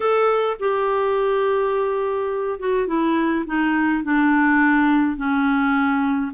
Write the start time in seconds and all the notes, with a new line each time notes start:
0.00 A4
0.59 G4
2.59 F#4
2.87 E4
3.46 D#4
4.03 D4
5.16 C#4